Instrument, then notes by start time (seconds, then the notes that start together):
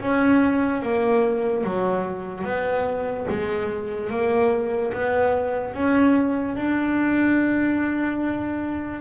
double bass
0.00 C#4
0.82 A#3
1.64 F#3
2.44 B3
3.29 G#3
4.10 A#3
4.93 B3
5.74 C#4
6.56 D4